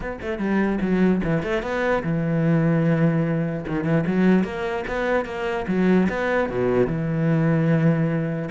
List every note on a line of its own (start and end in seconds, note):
0.00 0.18 B3
0.21 0.38 A3
0.38 0.79 G3
0.81 1.21 F#3
1.23 1.42 E3
1.42 1.62 A3
1.62 2.03 B3
2.03 3.65 E3
3.67 3.84 D#3
3.84 4.04 E3
4.07 4.44 F#3
4.44 4.84 A#3
4.87 5.25 B3
5.25 5.66 A#3
5.67 6.08 F#3
6.09 6.49 B3
6.49 6.87 B2
6.87 8.49 E3